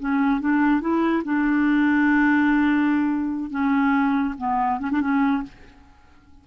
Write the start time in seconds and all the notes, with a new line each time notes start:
0.00 C#4
0.41 D4
0.81 E4
1.25 D4
3.51 C#4
4.38 B3
4.80 C#4
4.92 D4
5.01 C#4